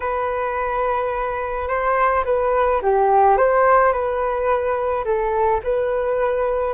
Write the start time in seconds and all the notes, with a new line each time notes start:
0.00 B4
1.68 C5
2.25 B4
2.82 G4
3.37 C5
3.92 B4
5.04 A4
5.63 B4